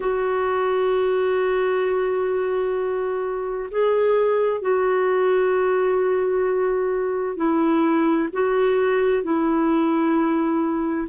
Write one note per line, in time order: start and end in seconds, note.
0.00 3.69 F#4
3.70 4.61 G#4
4.61 7.36 F#4
7.36 8.28 E4
8.32 9.23 F#4
9.23 11.08 E4